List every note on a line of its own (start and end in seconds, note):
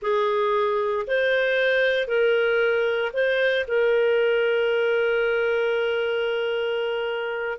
0.01 1.06 G#4
1.07 2.07 C5
2.07 3.12 A#4
3.13 3.65 C5
3.67 7.58 A#4